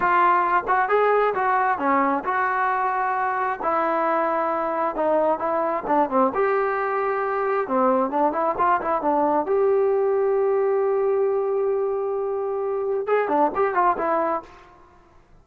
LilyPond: \new Staff \with { instrumentName = "trombone" } { \time 4/4 \tempo 4 = 133 f'4. fis'8 gis'4 fis'4 | cis'4 fis'2. | e'2. dis'4 | e'4 d'8 c'8 g'2~ |
g'4 c'4 d'8 e'8 f'8 e'8 | d'4 g'2.~ | g'1~ | g'4 gis'8 d'8 g'8 f'8 e'4 | }